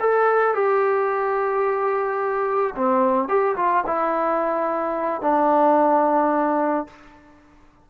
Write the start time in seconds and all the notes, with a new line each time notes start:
0.00 A4
0.55 G4
2.76 C4
3.29 G4
3.57 F4
3.87 E4
5.22 D4